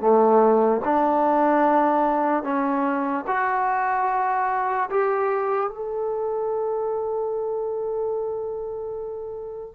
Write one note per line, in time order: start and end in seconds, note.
0.00 0.81 A3
0.84 2.44 D4
2.44 3.25 C#4
3.27 4.89 F#4
4.91 5.69 G4
5.69 9.75 A4